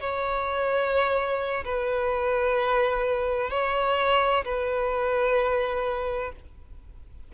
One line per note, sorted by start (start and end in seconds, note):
0.00 1.64 C#5
1.64 3.50 B4
3.50 4.44 C#5
4.44 6.32 B4